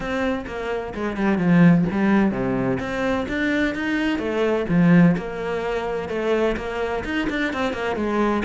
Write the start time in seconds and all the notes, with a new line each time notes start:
0.00 C4
0.46 A#3
0.94 G#3
1.17 G3
1.38 F3
1.91 G3
2.31 C3
2.79 C4
3.28 D4
3.74 D#4
4.18 A3
4.69 F3
5.17 A#3
6.09 A3
6.56 A#3
7.04 D#4
7.29 D4
7.53 C4
7.73 A#3
7.96 G#3